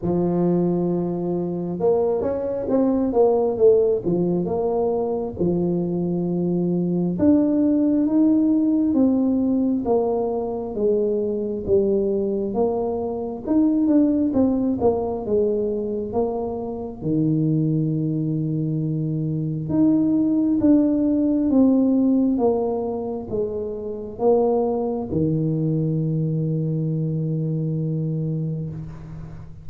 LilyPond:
\new Staff \with { instrumentName = "tuba" } { \time 4/4 \tempo 4 = 67 f2 ais8 cis'8 c'8 ais8 | a8 f8 ais4 f2 | d'4 dis'4 c'4 ais4 | gis4 g4 ais4 dis'8 d'8 |
c'8 ais8 gis4 ais4 dis4~ | dis2 dis'4 d'4 | c'4 ais4 gis4 ais4 | dis1 | }